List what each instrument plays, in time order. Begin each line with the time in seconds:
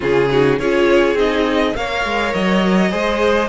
0.00 cello C#3, viola C#4, violin F4 G#4
0.30 viola D#4, violin F#4
0.59 cello C#4, viola F4, violin G#4 C#5
1.14 cello C4, viola D#4, violin D#5
1.74 cello A#3, viola A#4, violin C#5 F5
2.04 cello G#3
2.33 cello F#3, violin D#5
2.89 cello G#3, viola G#4, violin C5